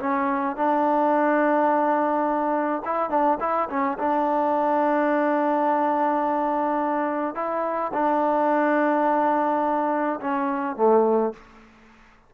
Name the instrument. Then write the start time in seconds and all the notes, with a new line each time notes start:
trombone
0.00 C#4
0.56 D4
2.86 E4
3.10 D4
3.41 E4
3.70 C#4
3.99 D4
7.36 E4
7.94 D4
10.21 C#4
10.77 A3